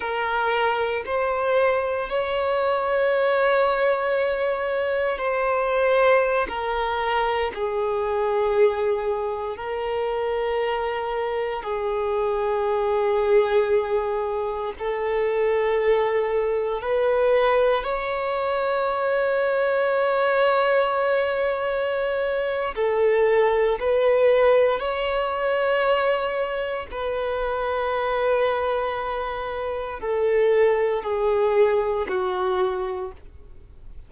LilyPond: \new Staff \with { instrumentName = "violin" } { \time 4/4 \tempo 4 = 58 ais'4 c''4 cis''2~ | cis''4 c''4~ c''16 ais'4 gis'8.~ | gis'4~ gis'16 ais'2 gis'8.~ | gis'2~ gis'16 a'4.~ a'16~ |
a'16 b'4 cis''2~ cis''8.~ | cis''2 a'4 b'4 | cis''2 b'2~ | b'4 a'4 gis'4 fis'4 | }